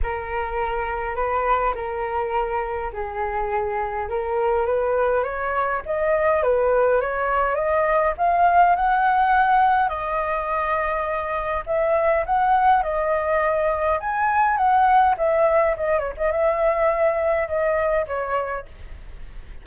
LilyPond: \new Staff \with { instrumentName = "flute" } { \time 4/4 \tempo 4 = 103 ais'2 b'4 ais'4~ | ais'4 gis'2 ais'4 | b'4 cis''4 dis''4 b'4 | cis''4 dis''4 f''4 fis''4~ |
fis''4 dis''2. | e''4 fis''4 dis''2 | gis''4 fis''4 e''4 dis''8 cis''16 dis''16 | e''2 dis''4 cis''4 | }